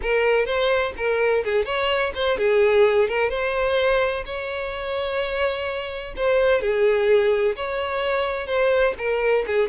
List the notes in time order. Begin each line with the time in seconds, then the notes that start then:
0.02 A#4
0.45 C5
0.97 A#4
1.44 G#4
1.65 C#5
2.15 C5
2.37 G#4
3.08 A#4
3.29 C5
4.25 C#5
6.16 C5
6.61 G#4
7.55 C#5
8.47 C5
8.97 A#4
9.46 G#4